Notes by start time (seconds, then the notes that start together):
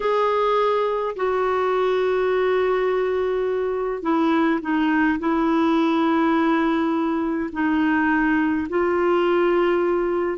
0.00 G#4
1.16 F#4
4.02 E4
4.61 D#4
5.19 E4
7.52 D#4
8.69 F4